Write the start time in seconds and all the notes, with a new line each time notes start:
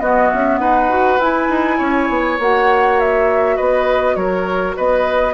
0.00 B3 F#4 D#5
0.29 C#4 E5
0.60 D#4 B4 F#5
0.89 F#4
1.19 E4 G#5
1.50 D#4
1.78 C#4 C#5
2.09 B3
2.39 A#3 F#4 F#5
2.99 E5
3.56 B3 B4 D#5
4.16 F#3 A#4 C#5
4.77 B3 B4 D#5